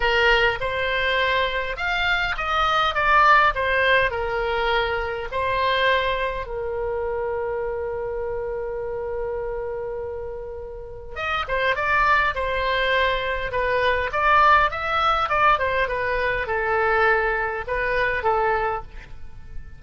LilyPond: \new Staff \with { instrumentName = "oboe" } { \time 4/4 \tempo 4 = 102 ais'4 c''2 f''4 | dis''4 d''4 c''4 ais'4~ | ais'4 c''2 ais'4~ | ais'1~ |
ais'2. dis''8 c''8 | d''4 c''2 b'4 | d''4 e''4 d''8 c''8 b'4 | a'2 b'4 a'4 | }